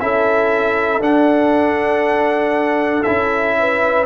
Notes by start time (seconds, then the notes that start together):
0.00 C#4 E4 A4 E5
1.00 D4 F#5
3.03 C#4 E4 E5
3.60 B4